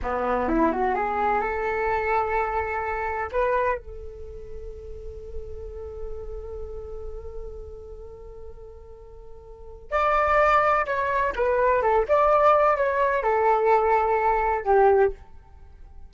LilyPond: \new Staff \with { instrumentName = "flute" } { \time 4/4 \tempo 4 = 127 b4 e'8 fis'8 gis'4 a'4~ | a'2. b'4 | a'1~ | a'1~ |
a'1~ | a'4 d''2 cis''4 | b'4 a'8 d''4. cis''4 | a'2. g'4 | }